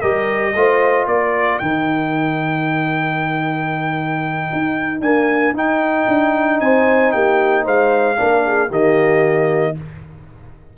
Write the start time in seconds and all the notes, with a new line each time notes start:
0.00 G3 G4 A#4 D#5
0.55 A3 F4 C5
1.07 A#3 A#4 D5
1.59 D#3 D#4 G5
4.53 D#4
5.01 A#3 D4 G#5
5.53 D#4 G5
6.08 D4
6.60 C4 C5 G#5
7.12 A#3 G4 G5
7.64 G#3 C5 F5
8.16 A#3 D4 A#4
8.46 G#4
8.69 D#3 A#3 G4 D#5